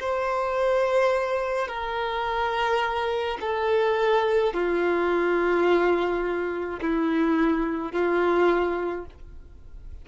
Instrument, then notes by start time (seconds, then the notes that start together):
violin
0.00 C5
1.68 A#4
3.41 A4
4.53 F4
6.81 E4
7.92 F4